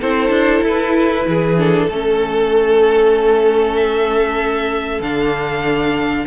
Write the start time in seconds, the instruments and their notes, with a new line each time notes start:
0.00 cello C4, viola E4, violin A4 C5
0.29 cello D4
0.63 cello E4, violin B4
1.27 cello E3, violin G#4
1.58 viola D4, violin A4
1.88 cello A3, viola C#4, violin A4
3.77 violin E5
5.00 cello D3, viola D4, violin F5